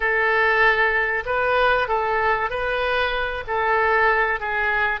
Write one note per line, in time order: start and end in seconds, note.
0.00 1.24 A4
1.25 1.88 B4
1.88 2.50 A4
2.50 3.43 B4
3.47 4.40 A4
4.40 5.00 G#4